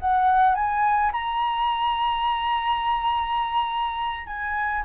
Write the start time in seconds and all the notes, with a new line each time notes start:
0.00 F#5
0.55 G#5
1.13 A#5
4.26 G#5